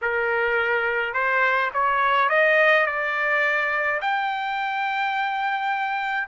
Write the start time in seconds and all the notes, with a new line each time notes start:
0.01 A#4
1.13 C5
1.73 C#5
2.29 D#5
2.86 D5
4.01 G5